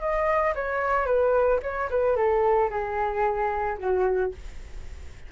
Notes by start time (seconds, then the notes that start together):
0.00 D#5
0.55 C#5
1.05 B4
1.62 C#5
1.90 B4
2.16 A4
2.70 G#4
3.78 F#4